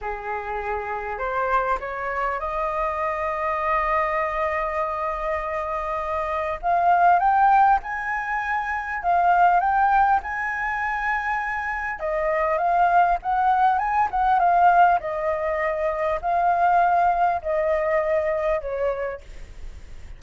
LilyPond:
\new Staff \with { instrumentName = "flute" } { \time 4/4 \tempo 4 = 100 gis'2 c''4 cis''4 | dis''1~ | dis''2. f''4 | g''4 gis''2 f''4 |
g''4 gis''2. | dis''4 f''4 fis''4 gis''8 fis''8 | f''4 dis''2 f''4~ | f''4 dis''2 cis''4 | }